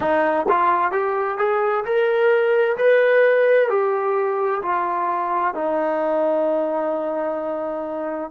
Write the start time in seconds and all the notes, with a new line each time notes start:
0.00 D#4
0.48 F4
0.91 G4
1.38 G#4
1.84 A#4
2.77 B4
3.69 G4
4.62 F4
5.54 D#4